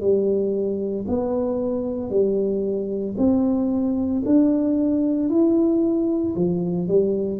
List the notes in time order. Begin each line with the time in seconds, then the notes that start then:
0.00 G3
1.08 B3
2.10 G3
3.17 C4
4.25 D4
5.29 E4
6.35 F3
6.88 G3